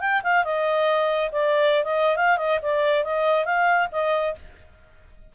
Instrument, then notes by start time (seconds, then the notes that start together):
clarinet
0.00 G5
0.23 F5
0.44 D#5
1.32 D5
1.84 D#5
2.16 F5
2.37 D#5
2.62 D5
3.04 D#5
3.45 F5
3.92 D#5